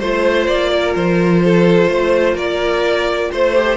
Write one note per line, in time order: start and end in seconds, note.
0.00 0.48 A3
0.00 3.55 F4
0.00 0.71 C5
0.00 0.47 C5
0.47 0.95 A#3
0.47 0.94 D5
0.72 1.43 A#4
0.96 1.88 F3
0.96 2.37 C5
1.44 1.91 A4
1.88 2.35 A3
1.88 2.35 C5
2.35 3.30 A#3
2.35 3.30 A#4
2.35 3.32 D5
3.32 3.77 A3
3.32 3.77 C5
3.55 3.77 G4